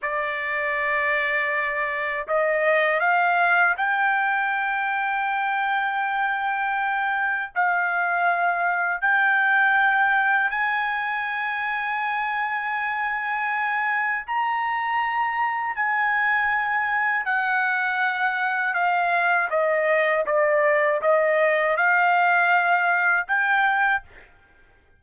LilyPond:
\new Staff \with { instrumentName = "trumpet" } { \time 4/4 \tempo 4 = 80 d''2. dis''4 | f''4 g''2.~ | g''2 f''2 | g''2 gis''2~ |
gis''2. ais''4~ | ais''4 gis''2 fis''4~ | fis''4 f''4 dis''4 d''4 | dis''4 f''2 g''4 | }